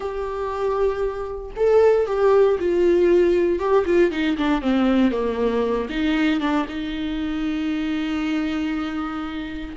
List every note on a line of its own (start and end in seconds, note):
0.00 1.51 G4
1.56 2.06 A4
2.06 2.58 G4
2.59 3.59 F4
3.59 3.84 G4
3.85 4.11 F4
4.11 4.36 D#4
4.37 4.61 D4
4.61 5.11 C4
5.11 5.88 A#3
5.89 6.40 D#4
6.40 6.66 D4
6.68 9.76 D#4